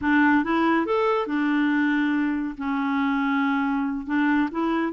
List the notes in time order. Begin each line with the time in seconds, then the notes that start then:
0.01 D4
0.43 E4
0.86 A4
1.26 D4
2.57 C#4
4.06 D4
4.51 E4